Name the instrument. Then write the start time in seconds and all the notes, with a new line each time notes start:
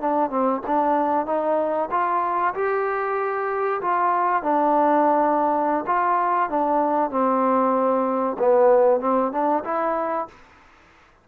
trombone
0.00 D4
0.30 C4
0.67 D4
1.26 D#4
1.90 F4
2.54 G4
3.81 F4
4.42 D4
5.86 F4
6.49 D4
7.10 C4
8.39 B3
9.00 C4
9.32 D4
9.64 E4